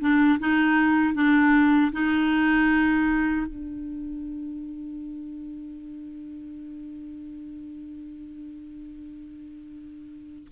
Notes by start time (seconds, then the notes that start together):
0.00 D4
0.39 D#4
1.14 D4
1.92 D#4
3.46 D4